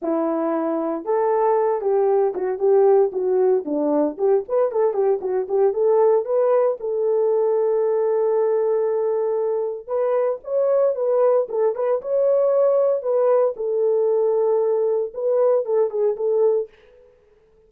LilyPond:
\new Staff \with { instrumentName = "horn" } { \time 4/4 \tempo 4 = 115 e'2 a'4. g'8~ | g'8 fis'8 g'4 fis'4 d'4 | g'8 b'8 a'8 g'8 fis'8 g'8 a'4 | b'4 a'2.~ |
a'2. b'4 | cis''4 b'4 a'8 b'8 cis''4~ | cis''4 b'4 a'2~ | a'4 b'4 a'8 gis'8 a'4 | }